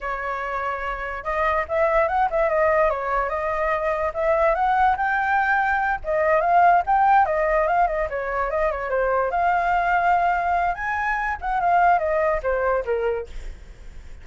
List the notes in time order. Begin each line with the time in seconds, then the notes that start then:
0.01 C#5
1.24 D#5
1.68 E5
2.08 F#5
2.30 E5
2.49 D#5
2.90 C#5
3.29 D#5
4.14 E5
4.54 F#5
4.96 G5
6.03 D#5
6.40 F5
6.86 G5
7.25 D#5
7.67 F5
7.87 D#5
8.09 C#5
8.50 D#5
8.71 C#5
8.89 C5
9.30 F5
10.74 G#5
11.41 F#5
11.60 F5
11.98 D#5
12.42 C5
12.85 A#4